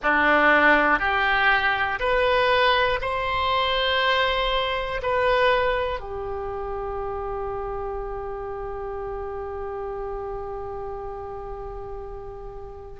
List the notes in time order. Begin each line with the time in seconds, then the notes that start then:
0.03 D4
0.99 G4
2.00 B4
3.00 C5
5.02 B4
6.00 G4